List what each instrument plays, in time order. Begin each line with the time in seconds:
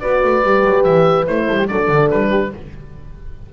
0.00 double bass B3, horn F#4 B4, oboe D5
0.23 double bass A3
0.43 double bass G3, horn G4
0.64 double bass F#3
0.84 double bass E3, oboe E5
1.25 double bass A3, horn E4, oboe C5
1.46 double bass G3, horn A4
1.58 horn G4
1.68 double bass F#3, horn D4 A4, oboe D5
1.88 double bass D3
2.10 double bass G3, oboe B4
2.29 horn G4